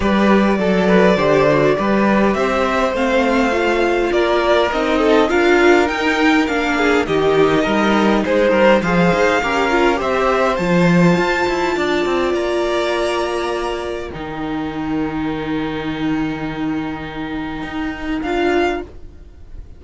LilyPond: <<
  \new Staff \with { instrumentName = "violin" } { \time 4/4 \tempo 4 = 102 d''1 | e''4 f''2 d''4 | dis''4 f''4 g''4 f''4 | dis''2 c''4 f''4~ |
f''4 e''4 a''2~ | a''4 ais''2. | g''1~ | g''2. f''4 | }
  \new Staff \with { instrumentName = "violin" } { \time 4/4 b'4 a'8 b'8 c''4 b'4 | c''2. ais'4~ | ais'8 a'8 ais'2~ ais'8 gis'8 | g'4 ais'4 gis'8 ais'8 c''4 |
ais'4 c''2. | d''1 | ais'1~ | ais'1 | }
  \new Staff \with { instrumentName = "viola" } { \time 4/4 g'4 a'4 g'8 fis'8 g'4~ | g'4 c'4 f'2 | dis'4 f'4 dis'4 d'4 | dis'2. gis'4 |
g'8 f'8 g'4 f'2~ | f'1 | dis'1~ | dis'2. f'4 | }
  \new Staff \with { instrumentName = "cello" } { \time 4/4 g4 fis4 d4 g4 | c'4 a2 ais4 | c'4 d'4 dis'4 ais4 | dis4 g4 gis8 g8 f8 dis'8 |
cis'4 c'4 f4 f'8 e'8 | d'8 c'8 ais2. | dis1~ | dis2 dis'4 d'4 | }
>>